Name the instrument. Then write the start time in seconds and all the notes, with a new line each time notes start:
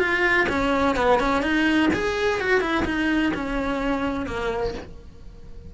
cello
0.00 F4
0.49 C#4
0.96 B3
1.20 C#4
1.43 D#4
1.94 G#4
2.41 F#4
2.61 E4
2.86 D#4
3.35 C#4
4.27 A#3